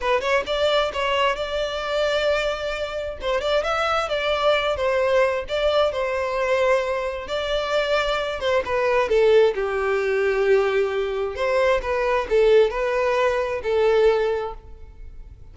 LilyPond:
\new Staff \with { instrumentName = "violin" } { \time 4/4 \tempo 4 = 132 b'8 cis''8 d''4 cis''4 d''4~ | d''2. c''8 d''8 | e''4 d''4. c''4. | d''4 c''2. |
d''2~ d''8 c''8 b'4 | a'4 g'2.~ | g'4 c''4 b'4 a'4 | b'2 a'2 | }